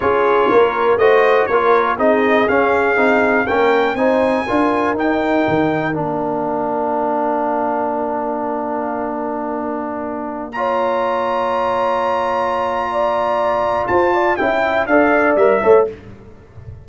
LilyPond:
<<
  \new Staff \with { instrumentName = "trumpet" } { \time 4/4 \tempo 4 = 121 cis''2 dis''4 cis''4 | dis''4 f''2 g''4 | gis''2 g''2 | f''1~ |
f''1~ | f''4~ f''16 ais''2~ ais''8.~ | ais''1 | a''4 g''4 f''4 e''4 | }
  \new Staff \with { instrumentName = "horn" } { \time 4/4 gis'4 ais'4 c''4 ais'4 | gis'2. ais'4 | c''4 ais'2.~ | ais'1~ |
ais'1~ | ais'4~ ais'16 cis''2~ cis''8.~ | cis''2 d''2 | c''8 d''8 e''4 d''4. cis''8 | }
  \new Staff \with { instrumentName = "trombone" } { \time 4/4 f'2 fis'4 f'4 | dis'4 cis'4 dis'4 cis'4 | dis'4 f'4 dis'2 | d'1~ |
d'1~ | d'4~ d'16 f'2~ f'8.~ | f'1~ | f'4 e'4 a'4 ais'8 a'8 | }
  \new Staff \with { instrumentName = "tuba" } { \time 4/4 cis'4 ais4 a4 ais4 | c'4 cis'4 c'4 ais4 | c'4 d'4 dis'4 dis4 | ais1~ |
ais1~ | ais1~ | ais1 | f'4 cis'4 d'4 g8 a8 | }
>>